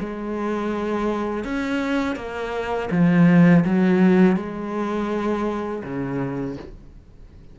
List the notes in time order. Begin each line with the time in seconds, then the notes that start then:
0.00 G#3
1.44 C#4
2.16 A#3
2.91 F3
3.65 F#3
4.36 G#3
5.84 C#3